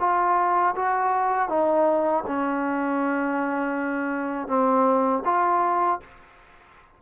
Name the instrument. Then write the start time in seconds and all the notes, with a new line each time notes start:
trombone
0.00 F4
0.76 F#4
1.49 D#4
2.27 C#4
4.48 C4
5.25 F4